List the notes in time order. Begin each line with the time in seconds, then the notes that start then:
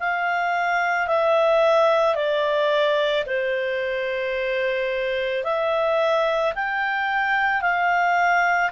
0.00 F5
1.08 E5
2.16 D5
3.27 C5
5.44 E5
6.56 G5
7.62 F5